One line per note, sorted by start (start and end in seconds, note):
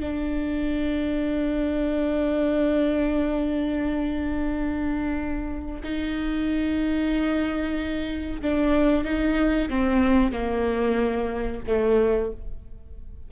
0.00 5.81 D4
5.83 8.41 D#4
8.42 9.04 D4
9.04 9.69 D#4
9.69 10.32 C4
10.32 11.61 A#3
11.67 12.31 A3